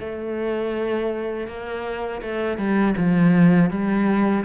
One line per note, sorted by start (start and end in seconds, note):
0.00 1.47 A3
1.47 2.22 A#3
2.22 2.58 A3
2.58 2.95 G3
2.97 3.70 F3
3.70 4.44 G3